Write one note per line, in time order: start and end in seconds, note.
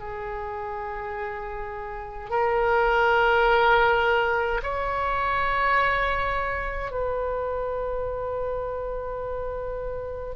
0.00 2.31 G#4
2.31 4.62 A#4
4.64 6.92 C#5
6.92 10.36 B4